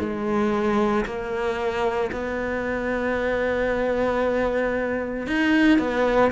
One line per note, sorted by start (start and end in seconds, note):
0.00 1.05 G#3
1.06 2.11 A#3
2.12 5.27 B3
5.27 5.79 D#4
5.79 6.32 B3